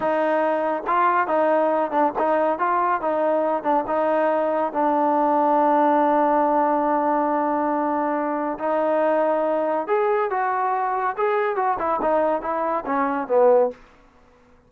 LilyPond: \new Staff \with { instrumentName = "trombone" } { \time 4/4 \tempo 4 = 140 dis'2 f'4 dis'4~ | dis'8 d'8 dis'4 f'4 dis'4~ | dis'8 d'8 dis'2 d'4~ | d'1~ |
d'1 | dis'2. gis'4 | fis'2 gis'4 fis'8 e'8 | dis'4 e'4 cis'4 b4 | }